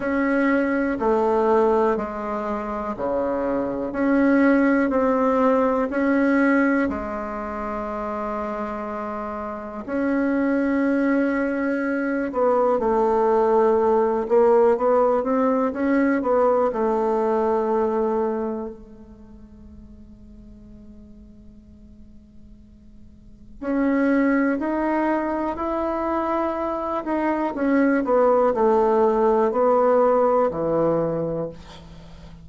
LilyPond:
\new Staff \with { instrumentName = "bassoon" } { \time 4/4 \tempo 4 = 61 cis'4 a4 gis4 cis4 | cis'4 c'4 cis'4 gis4~ | gis2 cis'2~ | cis'8 b8 a4. ais8 b8 c'8 |
cis'8 b8 a2 gis4~ | gis1 | cis'4 dis'4 e'4. dis'8 | cis'8 b8 a4 b4 e4 | }